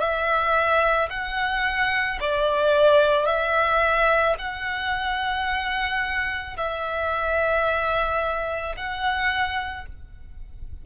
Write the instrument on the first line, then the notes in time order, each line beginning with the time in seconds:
violin
0.00 E5
1.10 F#5
2.20 D5
3.26 E5
4.38 F#5
6.57 E5
8.77 F#5